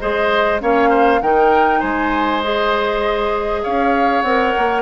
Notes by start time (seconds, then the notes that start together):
0.00 G#3 G#4 C5 D#5
0.60 A#3 C#4 C#5 F5
0.90 C5
1.22 D#3 D#4 A#4 G5
1.80 G#3 C5 G#5
2.43 G#4 D#5
3.64 C#4 C#5 F5
4.22 C4 A#4 F#5
4.58 A#3